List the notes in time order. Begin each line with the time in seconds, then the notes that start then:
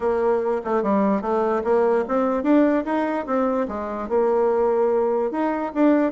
0.00 A#3
0.64 A3
0.83 G3
1.21 A3
1.64 A#3
2.08 C4
2.43 D4
2.85 D#4
3.26 C4
3.68 G#3
4.09 A#3
5.31 D#4
5.74 D4